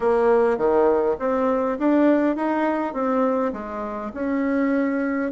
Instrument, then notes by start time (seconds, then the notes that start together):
bassoon
0.00 A#3
0.57 D#3
1.19 C4
1.78 D4
2.36 D#4
2.93 C4
3.53 G#3
4.14 C#4